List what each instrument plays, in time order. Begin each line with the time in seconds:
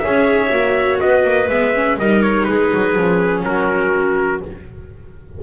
0.00 double bass C#4, viola G#4, clarinet C#5, trumpet E5
0.49 double bass A#3, viola F#4
1.00 double bass B3, clarinet B4, trumpet D#5
1.24 double bass A#3
1.49 double bass G#3, viola B3, trumpet E5
1.74 viola C#4
1.99 double bass G3, viola D#4, clarinet A#4, trumpet D#5
2.22 trumpet C#5
2.44 double bass G#3, clarinet G#4, trumpet B4
2.74 double bass F#3
2.95 double bass F3, viola C#4
3.43 double bass F#3, clarinet F#4, trumpet A#4